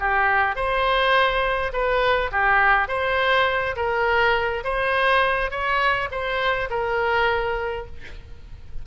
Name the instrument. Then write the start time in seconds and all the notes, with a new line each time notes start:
oboe
0.00 G4
0.56 C5
1.73 B4
2.32 G4
2.88 C5
3.77 A#4
4.64 C5
5.51 C#5
6.11 C5
6.70 A#4